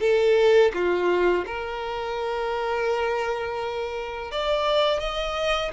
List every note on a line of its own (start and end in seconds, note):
0.00 0.71 A4
0.73 1.45 F4
1.46 4.31 A#4
4.31 5.00 D5
5.00 5.71 D#5